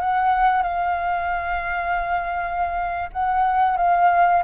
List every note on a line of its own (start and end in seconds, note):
0.00 0.62 F#5
0.62 3.09 F5
3.12 3.77 F#5
3.77 4.43 F5